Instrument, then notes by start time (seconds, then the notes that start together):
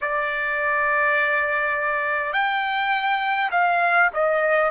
trumpet
0.01 D5
2.32 G5
3.51 F5
4.13 D#5